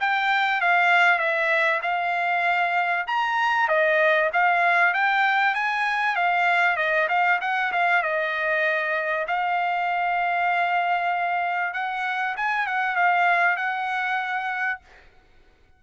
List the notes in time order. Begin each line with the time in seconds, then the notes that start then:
0.00 G5
0.61 F5
1.18 E5
1.82 F5
3.07 A#5
3.68 D#5
4.33 F5
4.94 G5
5.54 G#5
6.15 F5
6.76 D#5
7.08 F5
7.41 F#5
7.72 F5
8.02 D#5
9.27 F5
11.73 F#5
12.37 G#5
12.66 F#5
12.96 F5
13.56 F#5